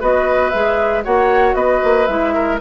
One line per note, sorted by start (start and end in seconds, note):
0.00 0.54 B3
0.00 0.52 F#4
0.00 1.04 B4
0.00 0.50 D#5
0.50 1.06 G#3
0.50 1.04 G#4
0.50 1.02 E5
1.04 1.54 A#3
1.04 2.08 F#4
1.04 1.56 C#5
1.04 1.55 F#5
1.54 1.80 B3
1.54 2.34 B4
1.54 2.07 D#5
1.84 2.08 A#3
2.07 2.60 G#3
2.07 2.60 E4
2.07 2.59 E5
2.34 2.60 A#4